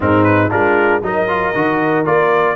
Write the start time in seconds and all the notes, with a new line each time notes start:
0.00 G#2 C4 D#4 A#4
0.23 B4
0.50 G#3 D4 F4 A#4
1.02 F#3 D#4 A#4 D#5
1.28 F4
1.54 D#3 F#4
2.04 A#3 F4 D5